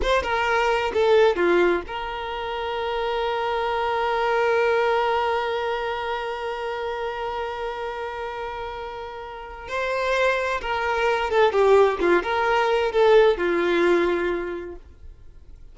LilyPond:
\new Staff \with { instrumentName = "violin" } { \time 4/4 \tempo 4 = 130 c''8 ais'4. a'4 f'4 | ais'1~ | ais'1~ | ais'1~ |
ais'1~ | ais'4 c''2 ais'4~ | ais'8 a'8 g'4 f'8 ais'4. | a'4 f'2. | }